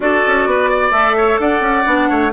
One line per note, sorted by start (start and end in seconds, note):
0.00 0.22 D4
0.00 0.91 F#4
0.00 0.48 A4
0.00 0.91 D5
0.26 0.45 C#4
0.45 0.91 B3
0.45 0.70 B4
0.70 1.16 D5
0.91 1.37 A3
0.91 1.84 A4
0.91 1.37 E5
1.17 1.40 C#5
1.39 1.60 D4
1.39 2.09 D5
1.39 2.32 F#5
1.60 1.83 C#4
1.85 2.09 B3
1.85 2.31 D4
2.09 2.32 A3
2.09 2.32 C#5